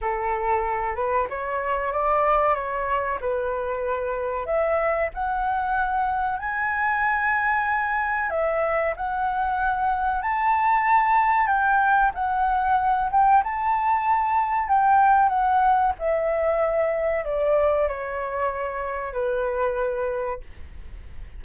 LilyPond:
\new Staff \with { instrumentName = "flute" } { \time 4/4 \tempo 4 = 94 a'4. b'8 cis''4 d''4 | cis''4 b'2 e''4 | fis''2 gis''2~ | gis''4 e''4 fis''2 |
a''2 g''4 fis''4~ | fis''8 g''8 a''2 g''4 | fis''4 e''2 d''4 | cis''2 b'2 | }